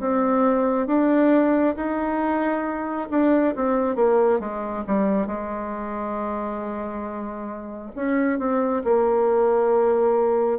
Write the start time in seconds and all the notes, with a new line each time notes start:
0.00 C4
0.87 D4
1.76 D#4
3.10 D4
3.56 C4
3.96 A#3
4.40 G#3
4.87 G3
5.27 G#3
7.95 C#4
8.39 C4
8.84 A#3